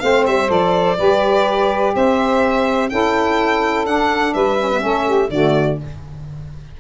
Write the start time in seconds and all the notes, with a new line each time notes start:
0.00 A3 C4 C5 F5
0.27 G3 E5
0.48 F3 A4 D5
0.97 G3 G4 B4
1.94 C4 C5 E5
2.89 C#4 E4 A4 G5
3.86 D4 F#5
4.34 G3 B4 E5
4.59 C#4
4.72 B3
4.80 A3 C#4 A4
5.06 G4
5.30 D3 A3 F#4 D5